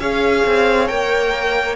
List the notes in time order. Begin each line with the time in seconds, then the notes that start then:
0.00 C#4 G#4 C#5 F5
0.46 C4
0.88 A#3 A#4 G5